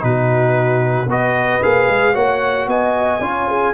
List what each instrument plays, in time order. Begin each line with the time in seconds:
0.00 tuba B2, trombone D#4, horn F#4, trumpet B4
1.06 tuba B3, trombone F#4, horn B4, trumpet D#5
1.62 tuba A#3, trombone G#4, trumpet F5
1.88 tuba G#3
2.13 tuba A#3, trombone F#4, horn C#5, trumpet F#5
2.67 tuba B3, horn D#5, trumpet G#5
3.20 tuba C#4, trombone F4, horn C#5
3.48 horn G#4